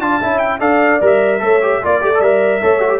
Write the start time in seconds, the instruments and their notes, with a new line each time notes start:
0.00 tuba D4, trombone F4, horn D5, trumpet A5
0.22 tuba C#4, trombone E4, horn E5
0.39 trumpet G5
0.60 tuba D4, trombone A4, horn D5, trumpet F5
1.01 tuba G3, trombone A#4, trumpet E5
1.40 tuba A3, trombone A4, horn C#5
1.62 trombone G4
1.83 tuba A#3, trombone F4, horn D5, trumpet D5
2.01 tuba A3, trombone G4
2.14 trombone A4
2.20 tuba G3, trombone A#4, trumpet E5
2.62 tuba A3, trombone A4, horn C#5
2.79 trombone F#4
2.89 trombone G4